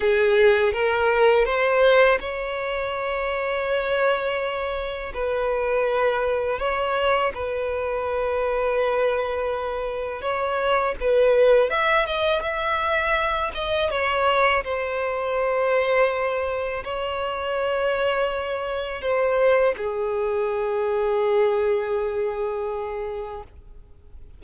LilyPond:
\new Staff \with { instrumentName = "violin" } { \time 4/4 \tempo 4 = 82 gis'4 ais'4 c''4 cis''4~ | cis''2. b'4~ | b'4 cis''4 b'2~ | b'2 cis''4 b'4 |
e''8 dis''8 e''4. dis''8 cis''4 | c''2. cis''4~ | cis''2 c''4 gis'4~ | gis'1 | }